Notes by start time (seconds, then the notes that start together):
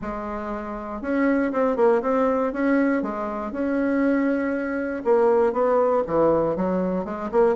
0.01 G#3
1.01 C#4
1.52 C4
1.76 A#3
2.02 C4
2.53 C#4
3.02 G#3
3.52 C#4
5.04 A#3
5.53 B3
6.06 E3
6.56 F#3
7.05 G#3
7.31 A#3